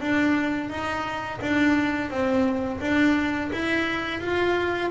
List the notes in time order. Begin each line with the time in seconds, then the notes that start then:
0.00 D4
0.70 D#4
1.41 D4
2.10 C4
2.80 D4
3.52 E4
4.21 F4